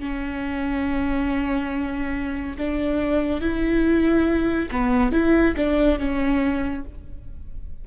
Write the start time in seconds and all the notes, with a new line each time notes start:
0.00 C#4
2.58 D4
3.41 E4
4.71 B3
5.12 E4
5.57 D4
5.99 C#4